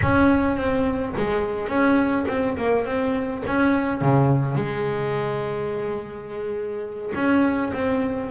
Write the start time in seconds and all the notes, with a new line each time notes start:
0.02 C#4
0.56 C4
1.16 G#3
1.68 C#4
2.28 C4
2.57 A#3
2.85 C4
3.46 C#4
4.01 C#3
4.55 G#3
7.14 C#4
7.73 C4